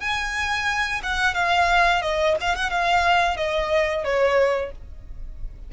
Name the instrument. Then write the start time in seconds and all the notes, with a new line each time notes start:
violin
0.00 G#5
1.03 F#5
1.34 F5
2.02 D#5
2.41 F5
2.55 F#5
2.70 F5
3.36 D#5
4.04 C#5